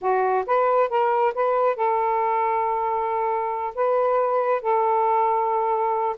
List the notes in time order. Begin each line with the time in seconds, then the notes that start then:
0.01 F#4
0.46 B4
0.89 A#4
1.34 B4
1.76 A4
3.74 B4
4.61 A4